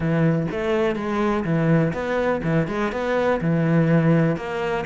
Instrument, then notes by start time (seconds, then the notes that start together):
cello
0.00 E3
0.51 A3
0.95 G#3
1.44 E3
1.93 B3
2.43 E3
2.67 G#3
2.92 B3
3.41 E3
4.36 A#3